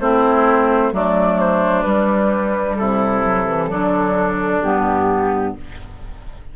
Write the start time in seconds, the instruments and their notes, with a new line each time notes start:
0.00 bassoon A3, clarinet C4, oboe E4, flute C5
0.92 bassoon F#3, clarinet A3, oboe D4, flute D5
1.39 flute C5
1.82 bassoon G3, clarinet G3, flute B4
2.75 bassoon C3, oboe E4, flute A4
3.23 clarinet F#3
3.45 clarinet E3
3.67 bassoon D3, clarinet F#3, oboe D4
4.62 bassoon G2, clarinet B3, flute G4